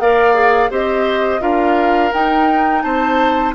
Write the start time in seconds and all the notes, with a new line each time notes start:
0.00 A#3 A#4 D5 F5
0.35 G#4
0.70 C4 G4 C5 D#5
1.40 D4 F4 A#4 F5
2.14 D#4 G5
2.82 C4 C5 A5